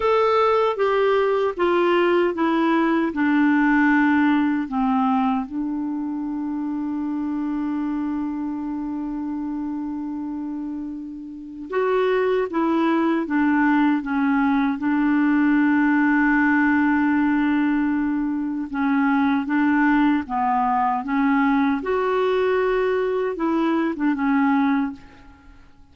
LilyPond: \new Staff \with { instrumentName = "clarinet" } { \time 4/4 \tempo 4 = 77 a'4 g'4 f'4 e'4 | d'2 c'4 d'4~ | d'1~ | d'2. fis'4 |
e'4 d'4 cis'4 d'4~ | d'1 | cis'4 d'4 b4 cis'4 | fis'2 e'8. d'16 cis'4 | }